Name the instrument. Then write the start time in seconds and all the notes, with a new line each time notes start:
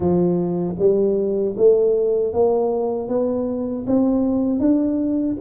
tuba
0.00 F3
0.78 G3
1.57 A3
2.33 A#3
3.08 B3
3.86 C4
4.59 D4